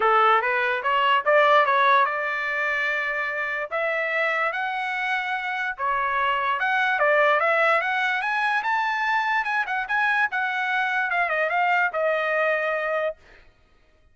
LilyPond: \new Staff \with { instrumentName = "trumpet" } { \time 4/4 \tempo 4 = 146 a'4 b'4 cis''4 d''4 | cis''4 d''2.~ | d''4 e''2 fis''4~ | fis''2 cis''2 |
fis''4 d''4 e''4 fis''4 | gis''4 a''2 gis''8 fis''8 | gis''4 fis''2 f''8 dis''8 | f''4 dis''2. | }